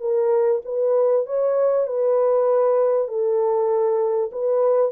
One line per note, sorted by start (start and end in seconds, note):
0.00 0.61 A#4
0.65 1.26 B4
1.26 1.87 C#5
1.87 3.08 B4
3.08 4.30 A4
4.32 4.91 B4